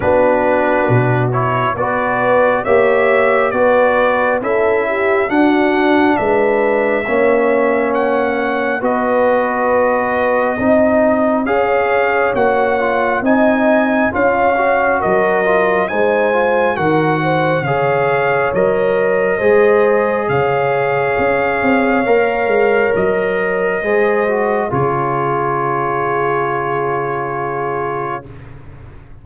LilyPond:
<<
  \new Staff \with { instrumentName = "trumpet" } { \time 4/4 \tempo 4 = 68 b'4. cis''8 d''4 e''4 | d''4 e''4 fis''4 e''4~ | e''4 fis''4 dis''2~ | dis''4 f''4 fis''4 gis''4 |
f''4 dis''4 gis''4 fis''4 | f''4 dis''2 f''4~ | f''2 dis''2 | cis''1 | }
  \new Staff \with { instrumentName = "horn" } { \time 4/4 fis'2 b'4 cis''4 | b'4 a'8 g'8 fis'4 b'4 | cis''2 b'2 | dis''4 cis''2 dis''4 |
cis''4 ais'4 c''4 ais'8 c''8 | cis''2 c''4 cis''4~ | cis''2. c''4 | gis'1 | }
  \new Staff \with { instrumentName = "trombone" } { \time 4/4 d'4. e'8 fis'4 g'4 | fis'4 e'4 d'2 | cis'2 fis'2 | dis'4 gis'4 fis'8 f'8 dis'4 |
f'8 fis'4 f'8 dis'8 f'8 fis'4 | gis'4 ais'4 gis'2~ | gis'4 ais'2 gis'8 fis'8 | f'1 | }
  \new Staff \with { instrumentName = "tuba" } { \time 4/4 b4 b,4 b4 ais4 | b4 cis'4 d'4 gis4 | ais2 b2 | c'4 cis'4 ais4 c'4 |
cis'4 fis4 gis4 dis4 | cis4 fis4 gis4 cis4 | cis'8 c'8 ais8 gis8 fis4 gis4 | cis1 | }
>>